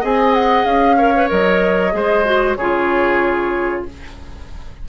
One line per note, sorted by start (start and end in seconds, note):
0.00 0.65 C4
0.00 0.97 G#4
0.00 0.96 D#5
0.00 0.34 G#5
0.34 0.65 F#5
0.65 1.28 C#4
0.65 1.29 F5
0.97 1.14 A#4
0.97 1.93 C#5
1.15 1.28 B4
1.28 1.93 F#3
1.28 1.91 A#4
1.28 2.55 D#5
1.91 2.57 G#3
1.91 2.23 G#4
1.91 2.57 C5
2.24 2.56 F#4
2.55 3.85 C#3
2.55 3.88 F4
2.55 3.85 G#4
2.55 3.83 C#5